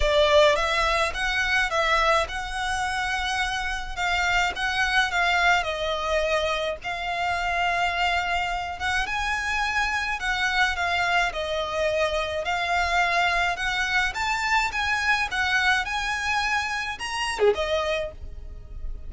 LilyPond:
\new Staff \with { instrumentName = "violin" } { \time 4/4 \tempo 4 = 106 d''4 e''4 fis''4 e''4 | fis''2. f''4 | fis''4 f''4 dis''2 | f''2.~ f''8 fis''8 |
gis''2 fis''4 f''4 | dis''2 f''2 | fis''4 a''4 gis''4 fis''4 | gis''2 ais''8. gis'16 dis''4 | }